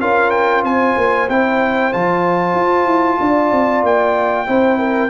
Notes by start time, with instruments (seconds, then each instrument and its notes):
0.00 tuba C#4, trombone F4, horn A#4, trumpet F5
0.30 trumpet G5
0.63 tuba C4, horn C5, trumpet G#5
0.97 tuba A#3
1.28 tuba C4, trombone E4, trumpet G5
1.92 tuba F3, trombone F4, trumpet A5
2.54 tuba F4
2.85 tuba E4
3.20 tuba D4, horn D5
3.51 tuba C4
3.83 tuba A#3, trumpet G5
4.46 tuba C4, trombone E4, horn C5
4.79 horn A#4